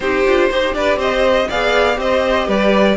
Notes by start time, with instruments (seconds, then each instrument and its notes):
0.00 cello C4, viola D#4, violin G4 C5
0.25 cello D4, viola F4
0.50 cello D#4, viola G4, violin C5
0.74 cello D4, violin B4 D5
0.96 cello C4, violin C5 D#5
1.48 cello B3, viola G#4, violin D5 F5
1.95 cello C4, viola G4, violin C5 D#5
2.47 cello G3, violin B4 D5